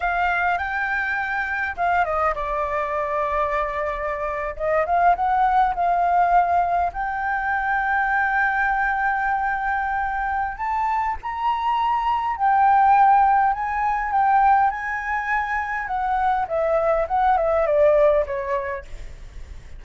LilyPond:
\new Staff \with { instrumentName = "flute" } { \time 4/4 \tempo 4 = 102 f''4 g''2 f''8 dis''8 | d''2.~ d''8. dis''16~ | dis''16 f''8 fis''4 f''2 g''16~ | g''1~ |
g''2 a''4 ais''4~ | ais''4 g''2 gis''4 | g''4 gis''2 fis''4 | e''4 fis''8 e''8 d''4 cis''4 | }